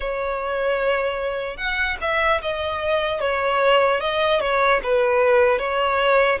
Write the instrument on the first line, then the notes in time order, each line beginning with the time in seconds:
violin
0.00 C#5
1.57 F#5
2.01 E5
2.41 D#5
3.20 C#5
4.00 D#5
4.40 C#5
4.83 B4
5.59 C#5